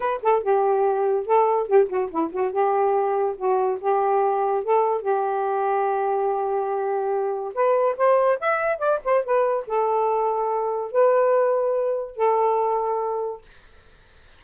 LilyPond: \new Staff \with { instrumentName = "saxophone" } { \time 4/4 \tempo 4 = 143 b'8 a'8 g'2 a'4 | g'8 fis'8 e'8 fis'8 g'2 | fis'4 g'2 a'4 | g'1~ |
g'2 b'4 c''4 | e''4 d''8 c''8 b'4 a'4~ | a'2 b'2~ | b'4 a'2. | }